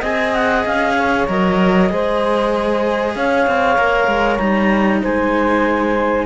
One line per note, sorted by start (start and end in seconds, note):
0.00 0.65 C4
0.00 1.27 G#4
0.00 0.94 D#5
0.00 0.34 G#5
0.34 0.65 F#5
0.66 1.28 C#4
0.66 1.28 F5
0.97 1.91 C#5
1.28 1.91 F#3
1.28 1.90 A#4
1.28 3.16 D#5
1.90 3.16 G#3
1.90 3.77 G#4
1.90 3.15 C5
3.15 3.47 C#4
3.15 5.02 C#5
3.15 4.37 F5
3.47 3.78 C4
3.77 4.08 A#3
3.77 4.39 A#4
4.08 4.39 G#3
4.37 5.03 G3
4.37 6.26 D#4
4.37 5.00 A#5
5.02 6.26 G#3
5.02 6.26 C5
5.02 6.26 G#5